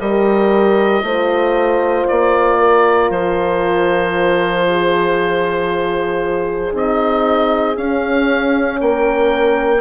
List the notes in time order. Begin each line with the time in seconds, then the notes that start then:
0.00 G3 G4 A#4 D#5
1.02 A3 F4 C5
2.07 A#3 D5
2.59 A#4
3.10 F3 C5
4.69 G#4
6.72 C4 D#4 D#5
7.76 C#4 F5
8.80 A#3 A#4 G5